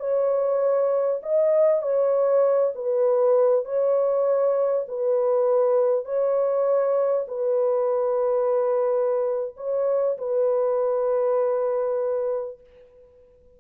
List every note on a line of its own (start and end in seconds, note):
0.00 1.21 C#5
1.23 1.82 D#5
1.82 2.73 C#5
2.75 3.65 B4
3.65 4.86 C#5
4.88 6.05 B4
6.05 7.26 C#5
7.28 9.55 B4
9.57 10.17 C#5
10.18 12.60 B4